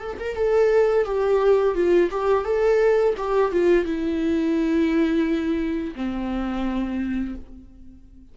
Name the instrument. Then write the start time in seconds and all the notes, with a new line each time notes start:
viola
0.00 A4
0.20 A#4
0.36 A4
1.05 G4
1.75 F4
2.11 G4
2.45 A4
3.17 G4
3.52 F4
3.85 E4
5.96 C4